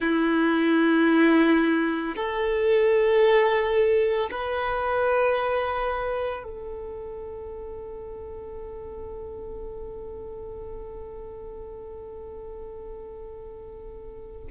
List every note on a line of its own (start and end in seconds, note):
0.00 2.15 E4
2.15 4.30 A4
4.31 6.43 B4
6.43 14.46 A4